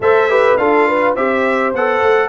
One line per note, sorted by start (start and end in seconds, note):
0.00 0.57 A3
0.00 0.29 A4
0.00 0.30 C5
0.00 0.57 E5
0.29 0.57 G4
0.29 0.58 B4
0.57 1.15 D4
0.57 1.16 F4
0.57 0.87 A4
0.57 1.14 F5
0.87 1.14 B4
1.14 1.74 C4
1.14 1.74 G4
1.14 2.28 C5
1.14 1.73 E5
1.74 2.02 B3
1.74 2.28 A4
1.74 2.28 F#5
2.02 2.28 A3